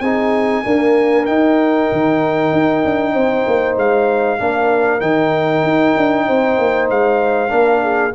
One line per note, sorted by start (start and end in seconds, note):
0.00 0.63 C4
0.00 0.64 D#4
0.00 0.63 G#4
0.00 1.25 G#5
0.63 1.26 A#3
0.63 1.27 D4
0.63 3.13 A#4
1.26 4.39 D#4
1.26 1.90 D#4
1.26 3.76 G5
1.92 2.52 D#3
2.52 2.83 D#4
2.84 3.14 D4
3.13 3.45 C4
3.13 4.38 C5
3.47 3.77 A#3
3.77 4.39 G#3
3.77 5.00 F5
4.39 5.01 A#3
4.39 5.00 D4
4.39 6.26 A#4
5.00 5.63 D#3
5.00 7.48 D#4
5.00 6.88 G5
5.63 5.94 D#4
5.97 6.28 D4
6.26 6.58 C4
6.26 7.51 C5
6.58 6.90 A#3
6.90 7.52 G#3
6.90 8.15 F5
7.48 8.14 A#3
7.48 8.11 D4
7.48 7.82 A#4
7.82 8.13 G#4